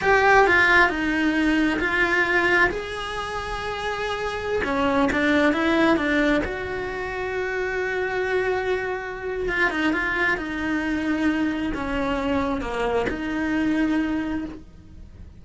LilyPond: \new Staff \with { instrumentName = "cello" } { \time 4/4 \tempo 4 = 133 g'4 f'4 dis'2 | f'2 gis'2~ | gis'2~ gis'16 cis'4 d'8.~ | d'16 e'4 d'4 fis'4.~ fis'16~ |
fis'1~ | fis'4 f'8 dis'8 f'4 dis'4~ | dis'2 cis'2 | ais4 dis'2. | }